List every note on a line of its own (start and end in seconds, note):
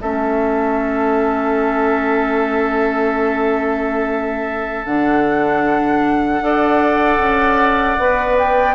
0.00 4.85 A3
0.00 4.87 C#4
0.00 6.44 A4
0.00 4.85 E5
4.85 6.40 D3
4.85 6.41 D4
4.85 8.36 F#5
6.40 7.18 D4
6.40 7.96 A4
6.40 8.75 D5
7.18 7.96 C#4
7.98 8.75 B3
7.98 8.75 B4
8.37 8.75 G5